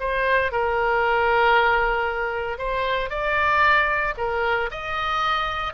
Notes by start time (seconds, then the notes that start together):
0.00 C5
0.52 A#4
2.58 C5
3.10 D5
4.18 A#4
4.71 D#5